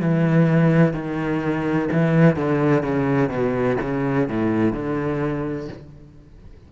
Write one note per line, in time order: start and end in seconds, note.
0.00 0.93 E3
0.93 1.88 D#3
1.92 2.36 E3
2.36 2.83 D3
2.83 3.29 C#3
3.29 3.77 B2
3.81 4.29 C#3
4.29 4.73 A2
4.73 5.68 D3